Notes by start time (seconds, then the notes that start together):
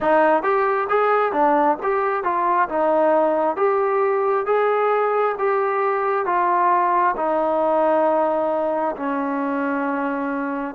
0.00 D#4
0.42 G4
0.89 G#4
1.32 D4
1.82 G4
2.23 F4
2.69 D#4
3.56 G4
4.45 G#4
5.38 G4
6.25 F4
7.16 D#4
8.96 C#4